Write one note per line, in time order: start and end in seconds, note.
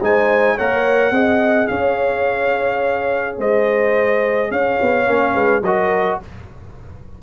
0.00 0.56 G#3
0.00 0.58 D#4
0.00 0.55 C5
0.00 0.58 G#5
0.55 1.11 A#3
0.55 1.13 A#4
0.55 1.12 C#5
0.55 1.67 F#5
1.11 1.67 C4
1.11 5.05 G#4
1.11 1.69 D#5
1.67 3.38 C#4
1.67 3.38 C#5
1.67 3.35 F5
3.38 4.50 G#3
3.38 4.50 C5
3.38 4.51 D#5
4.50 4.79 C#4
4.50 5.34 C#5
4.50 5.63 F5
4.81 5.07 B3
5.05 5.34 A#3
5.05 5.61 C#4
5.34 5.61 G#3
5.34 5.62 B4
5.61 6.17 F#3
5.61 6.22 F#4
5.61 6.20 A#4
5.61 6.19 D#5